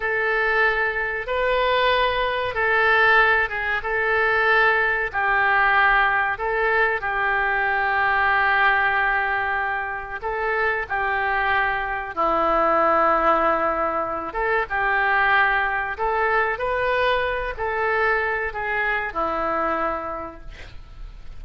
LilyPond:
\new Staff \with { instrumentName = "oboe" } { \time 4/4 \tempo 4 = 94 a'2 b'2 | a'4. gis'8 a'2 | g'2 a'4 g'4~ | g'1 |
a'4 g'2 e'4~ | e'2~ e'8 a'8 g'4~ | g'4 a'4 b'4. a'8~ | a'4 gis'4 e'2 | }